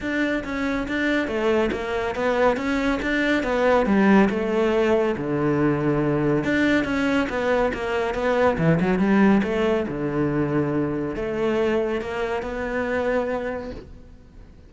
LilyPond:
\new Staff \with { instrumentName = "cello" } { \time 4/4 \tempo 4 = 140 d'4 cis'4 d'4 a4 | ais4 b4 cis'4 d'4 | b4 g4 a2 | d2. d'4 |
cis'4 b4 ais4 b4 | e8 fis8 g4 a4 d4~ | d2 a2 | ais4 b2. | }